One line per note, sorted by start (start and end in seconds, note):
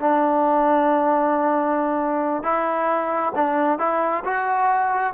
0.00 2.43 D4
2.43 3.33 E4
3.35 3.79 D4
3.79 4.23 E4
4.24 5.13 F#4